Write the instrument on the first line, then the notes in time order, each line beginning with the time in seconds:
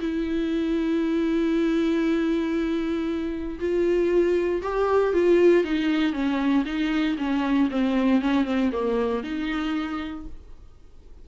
viola
0.00 E4
3.59 F4
4.62 G4
5.13 F4
5.64 D#4
6.13 C#4
6.65 D#4
7.18 C#4
7.70 C4
8.21 C#4
8.45 C4
8.72 A#3
9.24 D#4